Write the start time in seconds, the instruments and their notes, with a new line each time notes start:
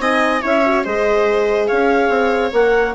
0.00 bassoon C4, horn D#4, viola D#5, clarinet G#5
0.42 bassoon C#4, horn E4, viola C#5, clarinet E5
0.66 horn F#4
0.84 bassoon G#3, horn G#4, viola C5, clarinet D#5
1.67 bassoon C#4, viola C#5, clarinet F5
2.10 bassoon C4
2.53 bassoon A#3, horn A#4, clarinet F#5